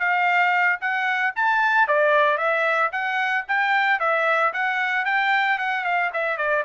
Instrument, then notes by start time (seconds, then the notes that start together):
trumpet
0.00 F5
0.81 F#5
1.36 A5
1.88 D5
2.38 E5
2.93 F#5
3.48 G5
4.00 E5
4.54 F#5
5.06 G5
5.58 F#5
5.85 F5
6.14 E5
6.37 D5